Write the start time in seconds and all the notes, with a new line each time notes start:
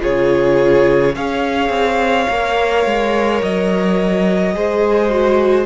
0.00 C#3 F4 G#4 C#5
1.15 C#4 G#4 C#5 F5
1.70 C4
2.29 A#3 A#4
2.86 G#3
3.43 F#3 D#5
4.54 G#3 G#4 C5
5.10 F#4